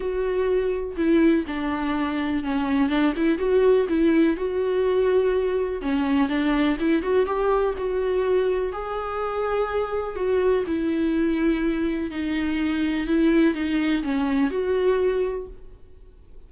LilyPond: \new Staff \with { instrumentName = "viola" } { \time 4/4 \tempo 4 = 124 fis'2 e'4 d'4~ | d'4 cis'4 d'8 e'8 fis'4 | e'4 fis'2. | cis'4 d'4 e'8 fis'8 g'4 |
fis'2 gis'2~ | gis'4 fis'4 e'2~ | e'4 dis'2 e'4 | dis'4 cis'4 fis'2 | }